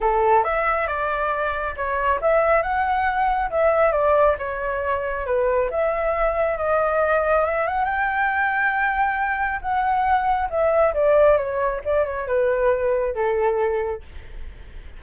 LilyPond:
\new Staff \with { instrumentName = "flute" } { \time 4/4 \tempo 4 = 137 a'4 e''4 d''2 | cis''4 e''4 fis''2 | e''4 d''4 cis''2 | b'4 e''2 dis''4~ |
dis''4 e''8 fis''8 g''2~ | g''2 fis''2 | e''4 d''4 cis''4 d''8 cis''8 | b'2 a'2 | }